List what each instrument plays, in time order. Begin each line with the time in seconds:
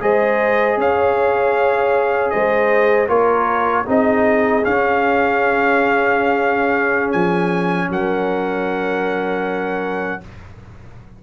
0.00 tuba G#3, trombone G#4, horn C5, trumpet D#5
0.77 tuba C#4, horn C#5, trumpet F5
2.30 tuba G#3, horn C5, trumpet D#5
3.08 tuba A#3, trombone F4, horn A#4, trumpet C#5
3.85 tuba C4, trombone D#4, horn G#4, trumpet D#5
4.63 trombone C#4, tuba C#4, trumpet F5
7.11 tuba F3, trumpet G#5
7.89 tuba F#3, horn A#4, trumpet F#5